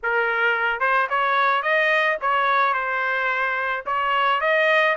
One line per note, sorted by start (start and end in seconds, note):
0.03 0.80 A#4
0.80 1.07 C5
1.09 1.62 C#5
1.62 2.17 D#5
2.21 2.73 C#5
2.73 3.84 C5
3.86 4.40 C#5
4.40 4.95 D#5